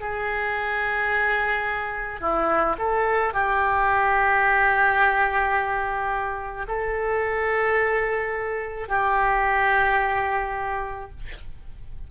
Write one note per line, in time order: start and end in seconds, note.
0.00 2.21 G#4
2.21 2.76 E4
2.78 3.33 A4
3.33 6.67 G4
6.68 8.88 A4
8.88 11.11 G4